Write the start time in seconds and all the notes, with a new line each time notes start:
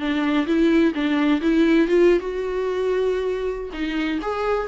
0.00 D4
0.47 E4
0.95 D4
1.42 E4
1.88 F4
2.19 F#4
3.73 D#4
4.22 G#4